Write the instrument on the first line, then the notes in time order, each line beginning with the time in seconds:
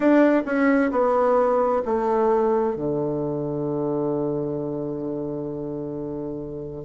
bassoon
0.00 D4
0.45 C#4
0.91 B3
1.85 A3
2.76 D3